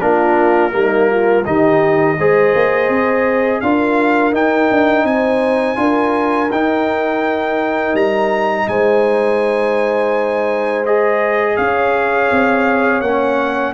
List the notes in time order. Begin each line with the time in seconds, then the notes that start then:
0.00 A#3 D4 F4 A#4
0.71 G3 A#3 D#4
1.10 F4
1.44 D#3 D#4 G4 D#5
2.18 G#3 G#4 C5
2.54 A#3
2.88 C4
3.61 D4 F4 A#4 F5
4.33 D#4 G5
4.71 D4
5.04 C4 C5 G#5
5.76 D4 F4 A#4
6.51 D#4 G5
7.94 G3 A#5
8.68 G#3 C5 G#5
10.85 G#4 D#5
11.56 C#4 C#5 F5
12.31 C4
13.01 A#3 C#4 F#5